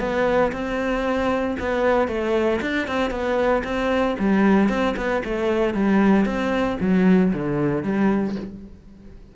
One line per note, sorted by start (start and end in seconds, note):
0.00 0.52 B3
0.52 1.57 C4
1.60 2.08 B3
2.08 2.60 A3
2.62 2.88 D4
2.88 3.11 C4
3.11 3.63 B3
3.64 4.16 C4
4.19 4.69 G3
4.69 4.95 C4
4.97 5.23 B3
5.25 5.75 A3
5.75 6.26 G3
6.26 6.78 C4
6.81 7.33 F#3
7.34 7.83 D3
7.83 8.35 G3